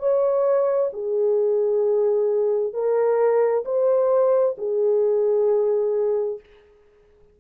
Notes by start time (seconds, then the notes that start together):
0.00 C#5
0.93 G#4
2.74 A#4
3.65 C5
4.58 G#4